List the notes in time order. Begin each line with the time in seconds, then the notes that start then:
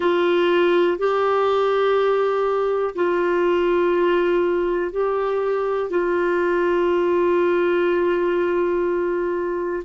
0.00 F4
0.97 G4
2.95 F4
4.91 G4
5.90 F4